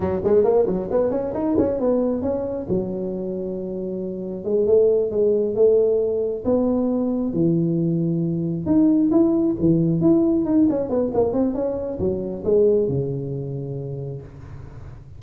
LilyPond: \new Staff \with { instrumentName = "tuba" } { \time 4/4 \tempo 4 = 135 fis8 gis8 ais8 fis8 b8 cis'8 dis'8 cis'8 | b4 cis'4 fis2~ | fis2 gis8 a4 gis8~ | gis8 a2 b4.~ |
b8 e2. dis'8~ | dis'8 e'4 e4 e'4 dis'8 | cis'8 b8 ais8 c'8 cis'4 fis4 | gis4 cis2. | }